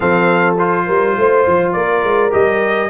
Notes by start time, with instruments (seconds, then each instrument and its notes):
0.00 tuba F3, trombone C4, horn A4, trumpet F5
0.58 trombone F4, trumpet C5
0.86 tuba G3, horn A#4
1.17 tuba A3, horn C5
1.46 tuba F3
1.72 tuba A#3, horn A#4, trumpet D5
2.03 tuba G#3
2.30 tuba G3, trombone G4, trumpet D#5